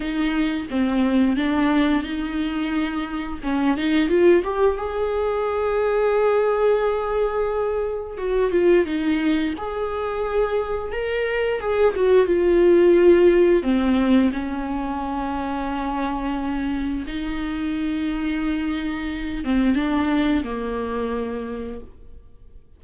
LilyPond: \new Staff \with { instrumentName = "viola" } { \time 4/4 \tempo 4 = 88 dis'4 c'4 d'4 dis'4~ | dis'4 cis'8 dis'8 f'8 g'8 gis'4~ | gis'1 | fis'8 f'8 dis'4 gis'2 |
ais'4 gis'8 fis'8 f'2 | c'4 cis'2.~ | cis'4 dis'2.~ | dis'8 c'8 d'4 ais2 | }